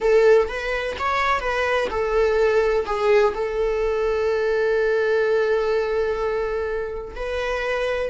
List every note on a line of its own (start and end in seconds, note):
0.00 0.48 A4
0.48 0.96 B4
0.98 1.40 C#5
1.40 1.87 B4
1.90 2.85 A4
2.85 3.33 G#4
3.34 7.15 A4
7.15 8.10 B4